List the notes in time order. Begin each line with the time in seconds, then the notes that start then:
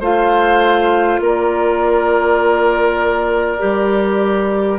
0.00 A3 F4 C5 F5
1.20 A#3 A#4 D5
3.59 G3 G4